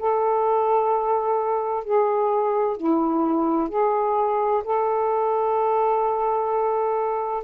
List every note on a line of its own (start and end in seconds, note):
0.00 1.85 A4
1.85 2.77 G#4
2.77 3.69 E4
3.69 4.63 G#4
4.64 7.44 A4